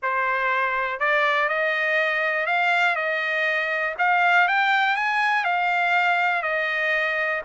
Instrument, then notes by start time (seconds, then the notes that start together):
trumpet
0.02 C5
0.99 D5
1.48 D#5
2.46 F5
2.95 D#5
3.98 F5
4.47 G5
4.96 G#5
5.44 F5
6.42 D#5